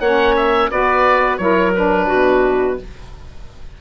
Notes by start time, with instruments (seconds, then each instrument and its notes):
0.00 bassoon A#3, saxophone C#4, clarinet C#5, oboe F#5
0.36 oboe E5
0.70 bassoon B3, saxophone F#4, clarinet B4, oboe D5
1.37 bassoon F#3, saxophone E4, clarinet A#4, oboe C#5
1.75 saxophone D4, oboe B4
2.07 bassoon B2, clarinet F#4